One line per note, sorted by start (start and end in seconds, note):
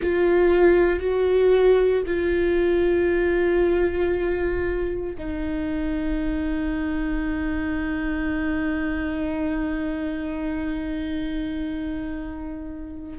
0.02 0.99 F4
0.99 2.03 F#4
2.06 5.16 F4
5.18 13.18 D#4